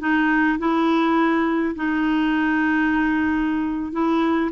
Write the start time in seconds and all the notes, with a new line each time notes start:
0.00 D#4
0.59 E4
1.76 D#4
3.92 E4